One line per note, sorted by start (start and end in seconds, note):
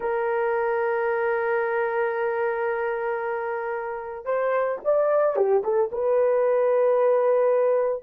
0.00 4.25 A#4
4.25 4.78 C5
4.84 5.35 D5
5.35 5.62 G4
5.63 5.90 A4
5.91 8.02 B4